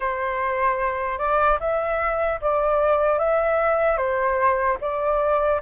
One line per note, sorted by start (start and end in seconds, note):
0.00 1.18 C5
1.18 1.58 D5
1.60 2.40 E5
2.41 3.18 D5
3.18 3.97 E5
3.97 4.77 C5
4.80 5.60 D5